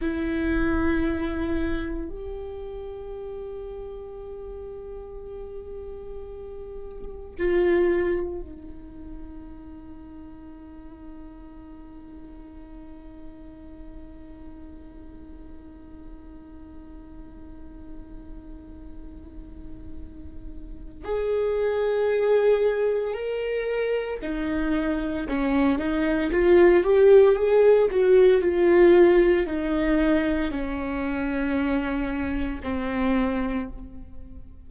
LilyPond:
\new Staff \with { instrumentName = "viola" } { \time 4/4 \tempo 4 = 57 e'2 g'2~ | g'2. f'4 | dis'1~ | dis'1~ |
dis'1 | gis'2 ais'4 dis'4 | cis'8 dis'8 f'8 g'8 gis'8 fis'8 f'4 | dis'4 cis'2 c'4 | }